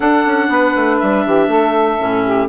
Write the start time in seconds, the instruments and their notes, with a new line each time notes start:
0.00 bassoon D4, clarinet D4 F#5, saxophone A4
0.26 bassoon C#4
0.48 bassoon B3, saxophone B4
0.75 bassoon A3
0.98 bassoon G3, clarinet E5
1.25 bassoon E3, saxophone G4
1.47 bassoon A3, saxophone A4
1.99 bassoon A2, clarinet C#4
2.23 saxophone G4